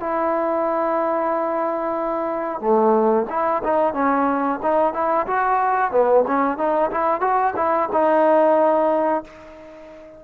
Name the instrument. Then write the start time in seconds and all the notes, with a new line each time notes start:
trombone
0.00 E4
2.60 A3
3.29 E4
3.64 D#4
3.94 C#4
4.62 D#4
4.93 E4
5.27 F#4
5.91 B3
6.27 C#4
6.57 D#4
6.91 E4
7.20 F#4
7.56 E4
7.92 D#4